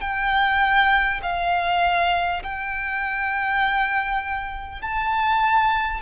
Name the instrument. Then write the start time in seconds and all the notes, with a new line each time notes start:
violin
0.00 G5
1.22 F5
2.43 G5
4.82 A5